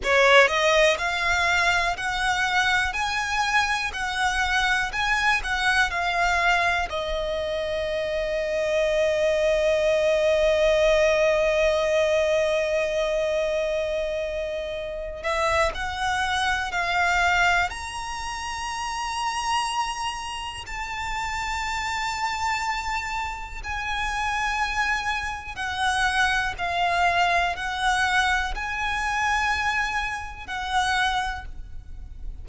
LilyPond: \new Staff \with { instrumentName = "violin" } { \time 4/4 \tempo 4 = 61 cis''8 dis''8 f''4 fis''4 gis''4 | fis''4 gis''8 fis''8 f''4 dis''4~ | dis''1~ | dis''2.~ dis''8 e''8 |
fis''4 f''4 ais''2~ | ais''4 a''2. | gis''2 fis''4 f''4 | fis''4 gis''2 fis''4 | }